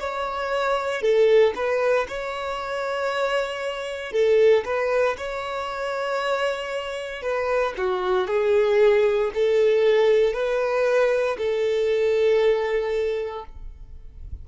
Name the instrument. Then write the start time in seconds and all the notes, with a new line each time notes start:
violin
0.00 C#5
1.02 A4
1.56 B4
2.08 C#5
4.13 A4
4.66 B4
5.18 C#5
7.23 B4
7.78 F#4
8.28 G#4
9.35 A4
10.34 B4
11.38 A4